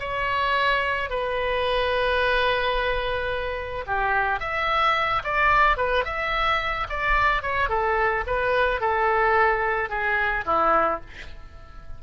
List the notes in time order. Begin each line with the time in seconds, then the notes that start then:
0.00 C#5
1.10 B4
3.87 G4
4.40 E5
5.24 D5
5.77 B4
6.05 E5
6.90 D5
7.42 C#5
7.69 A4
8.27 B4
8.81 A4
9.90 G#4
10.46 E4